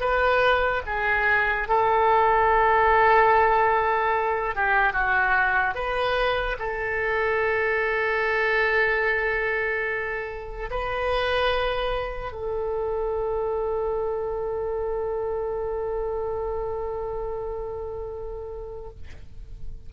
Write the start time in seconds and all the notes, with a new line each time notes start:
0.00 B4
0.86 G#4
1.68 A4
4.55 G4
4.93 F#4
5.75 B4
6.59 A4
10.70 B4
12.32 A4